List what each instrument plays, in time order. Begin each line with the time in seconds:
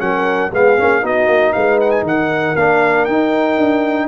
0.00 tuba F#3, trombone C#4, horn A#4, trumpet F#5
0.51 tuba G#3, trombone B3, horn G#4, trumpet F5
0.78 tuba A#3, trombone C#4
1.02 tuba B3, trombone D#4, horn F#4, trumpet D#5
1.27 tuba A#3
1.53 tuba G#3, horn B4, trumpet F5
1.81 trumpet F#5
1.91 trumpet G#5
2.03 tuba D#3, trumpet F#5
2.09 horn A#4
2.56 tuba A#3, trombone D4, trumpet F5
3.05 tuba D#4, trombone D#4, trumpet G5
3.58 tuba D4